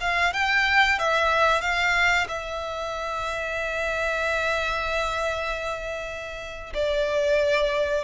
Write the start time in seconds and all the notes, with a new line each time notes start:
0.00 F5
0.33 G5
0.99 E5
1.61 F5
2.28 E5
6.74 D5